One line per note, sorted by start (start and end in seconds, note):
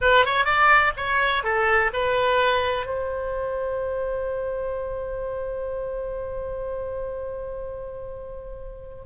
0.01 0.25 B4
0.25 0.45 C#5
0.45 0.92 D5
0.96 1.43 C#5
1.43 1.91 A4
1.93 2.85 B4
2.85 9.05 C5